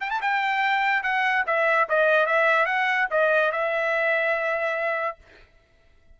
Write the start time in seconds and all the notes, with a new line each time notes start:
0.00 G5
0.10 A5
0.21 G5
1.03 F#5
1.46 E5
1.89 D#5
2.26 E5
2.66 F#5
3.10 D#5
3.52 E5